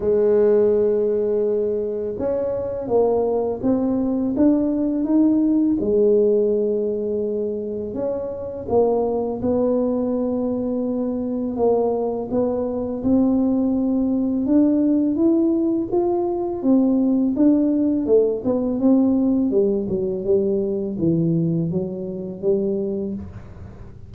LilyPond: \new Staff \with { instrumentName = "tuba" } { \time 4/4 \tempo 4 = 83 gis2. cis'4 | ais4 c'4 d'4 dis'4 | gis2. cis'4 | ais4 b2. |
ais4 b4 c'2 | d'4 e'4 f'4 c'4 | d'4 a8 b8 c'4 g8 fis8 | g4 e4 fis4 g4 | }